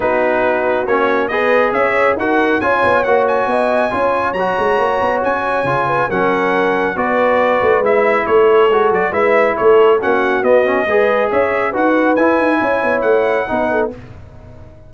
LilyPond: <<
  \new Staff \with { instrumentName = "trumpet" } { \time 4/4 \tempo 4 = 138 b'2 cis''4 dis''4 | e''4 fis''4 gis''4 fis''8 gis''8~ | gis''2 ais''2 | gis''2 fis''2 |
d''2 e''4 cis''4~ | cis''8 d''8 e''4 cis''4 fis''4 | dis''2 e''4 fis''4 | gis''2 fis''2 | }
  \new Staff \with { instrumentName = "horn" } { \time 4/4 fis'2. b'4 | cis''4 ais'4 cis''2 | dis''4 cis''2.~ | cis''4. b'8 ais'2 |
b'2. a'4~ | a'4 b'4 a'4 fis'4~ | fis'4 b'4 cis''4 b'4~ | b'4 cis''2 b'8 a'8 | }
  \new Staff \with { instrumentName = "trombone" } { \time 4/4 dis'2 cis'4 gis'4~ | gis'4 fis'4 f'4 fis'4~ | fis'4 f'4 fis'2~ | fis'4 f'4 cis'2 |
fis'2 e'2 | fis'4 e'2 cis'4 | b8 cis'8 gis'2 fis'4 | e'2. dis'4 | }
  \new Staff \with { instrumentName = "tuba" } { \time 4/4 b2 ais4 b4 | cis'4 dis'4 cis'8 b8 ais4 | b4 cis'4 fis8 gis8 ais8 b8 | cis'4 cis4 fis2 |
b4. a8 gis4 a4 | gis8 fis8 gis4 a4 ais4 | b4 gis4 cis'4 dis'4 | e'8 dis'8 cis'8 b8 a4 b4 | }
>>